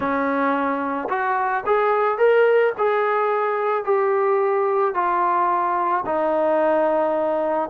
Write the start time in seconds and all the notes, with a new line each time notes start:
0.00 C#4
1.09 F#4
1.66 G#4
2.18 A#4
2.78 G#4
3.84 G4
4.94 F4
6.05 D#4